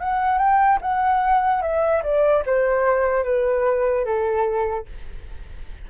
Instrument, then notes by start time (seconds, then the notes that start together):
flute
0.00 F#5
0.38 G5
0.81 F#5
1.61 E5
2.03 D5
2.45 C5
3.24 B4
4.05 A4